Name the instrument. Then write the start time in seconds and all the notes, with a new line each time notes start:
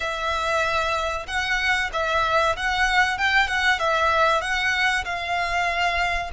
violin
0.00 E5
1.27 F#5
1.93 E5
2.56 F#5
3.18 G5
3.47 F#5
3.79 E5
4.41 F#5
5.04 F5